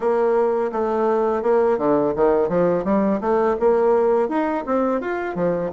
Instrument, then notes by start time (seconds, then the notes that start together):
bassoon
0.00 A#3
0.72 A3
1.42 A#3
1.78 D3
2.15 D#3
2.48 F3
2.84 G3
3.20 A3
3.59 A#3
4.28 D#4
4.66 C4
5.00 F4
5.35 F3